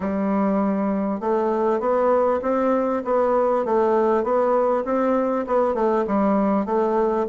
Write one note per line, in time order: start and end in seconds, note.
0.00 1.20 G3
1.20 1.80 A3
1.80 2.40 B3
2.42 3.02 C4
3.04 3.65 B3
3.65 4.23 A3
4.23 4.84 B3
4.85 5.45 C4
5.47 5.74 B3
5.74 6.04 A3
6.07 6.65 G3
6.65 7.26 A3